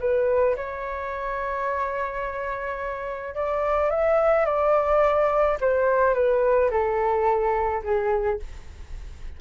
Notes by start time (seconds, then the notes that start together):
0.00 B4
0.56 C#5
3.35 D5
3.91 E5
4.46 D5
5.61 C5
6.15 B4
6.71 A4
7.84 G#4